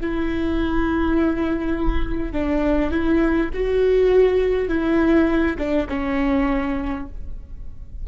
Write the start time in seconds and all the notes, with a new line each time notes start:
0.00 E4
2.32 D4
2.90 E4
3.53 F#4
4.68 E4
5.58 D4
5.88 C#4